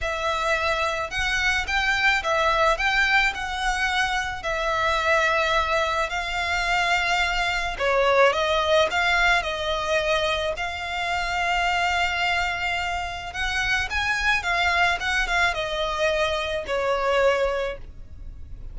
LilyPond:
\new Staff \with { instrumentName = "violin" } { \time 4/4 \tempo 4 = 108 e''2 fis''4 g''4 | e''4 g''4 fis''2 | e''2. f''4~ | f''2 cis''4 dis''4 |
f''4 dis''2 f''4~ | f''1 | fis''4 gis''4 f''4 fis''8 f''8 | dis''2 cis''2 | }